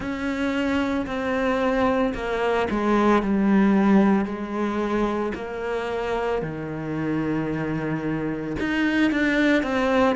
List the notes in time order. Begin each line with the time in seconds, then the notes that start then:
0.00 C#4
1.06 C4
2.14 A#3
2.70 G#3
3.22 G3
4.25 G#3
5.34 A#3
6.42 D#3
8.60 D#4
9.11 D4
9.62 C4